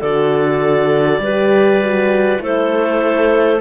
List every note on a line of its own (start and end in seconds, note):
0.00 1.19 D3
0.00 1.24 F#4
0.00 1.20 A4
0.00 2.42 D5
1.19 2.39 G3
1.19 1.83 G4
1.19 2.43 B4
1.83 2.39 F#4
2.39 3.60 A3
2.39 3.59 E4
2.39 3.61 A4
2.39 3.61 C5